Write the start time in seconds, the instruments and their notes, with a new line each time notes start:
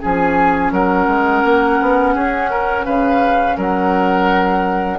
0.00 bassoon F3, clarinet C#4, oboe G#4, flute G#5
0.72 bassoon F#3, oboe A#4, flute F#5
1.07 bassoon G#3
1.44 bassoon A#3
1.81 bassoon B3
2.15 bassoon C#4, oboe G#4
2.51 oboe A#4
2.86 bassoon C#3, oboe B4, flute F5
3.57 bassoon F#3, oboe A#4, flute F#5